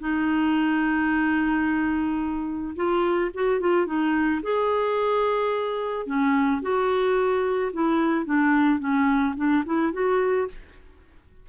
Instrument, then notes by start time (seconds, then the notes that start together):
clarinet
0.00 D#4
2.76 F4
3.35 F#4
3.61 F4
3.86 D#4
4.43 G#4
6.07 C#4
6.62 F#4
7.73 E4
8.25 D4
8.80 C#4
9.37 D4
9.66 E4
9.93 F#4